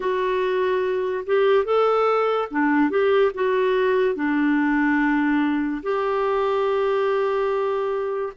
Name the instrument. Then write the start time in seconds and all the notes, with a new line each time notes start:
clarinet
0.00 F#4
1.25 G4
1.64 A4
2.50 D4
2.89 G4
3.34 F#4
4.15 D4
5.82 G4